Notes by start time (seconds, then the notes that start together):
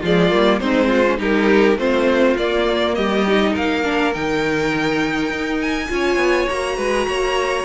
0.00 F3 G#3 F4 D5
0.30 G3 A#3
0.59 G#3 C4 D#4 C5
0.87 F4
1.06 C#4
1.17 G3 D#4 G4 A#4
1.75 A3 C4 F4 C5
2.37 A#3 D5
2.95 G3 G4 D#5
3.27 D#4
3.52 A#3 A#4 F5
3.83 D4
4.13 D#3 D#4 G5
5.29 D#4
5.60 G#5
5.89 C#4 F4 C#5
6.16 B3
6.49 A#3 F#4 A#5
6.77 G#3 B4
7.07 A#3 C#5